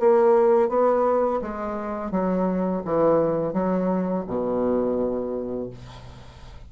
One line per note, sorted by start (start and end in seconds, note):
0.00 0.69 A#3
0.69 1.41 B3
1.42 2.11 G#3
2.11 2.83 F#3
2.85 3.54 E3
3.54 4.25 F#3
4.28 5.70 B2